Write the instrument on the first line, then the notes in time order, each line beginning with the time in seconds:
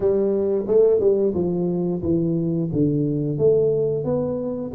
tuba
0.00 G3
0.67 A3
1.00 G3
1.34 F3
2.02 E3
2.72 D3
3.37 A3
4.04 B3